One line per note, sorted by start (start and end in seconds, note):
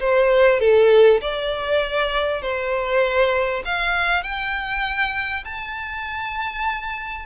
0.00 0.60 C5
0.60 1.21 A4
1.21 2.42 D5
2.42 3.63 C5
3.65 4.23 F5
4.23 5.45 G5
5.45 7.26 A5